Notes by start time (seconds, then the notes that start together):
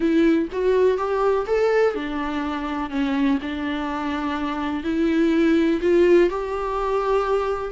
0.00 E4
0.51 F#4
0.97 G4
1.46 A4
1.95 D4
2.89 C#4
3.42 D4
4.83 E4
5.81 F4
6.29 G4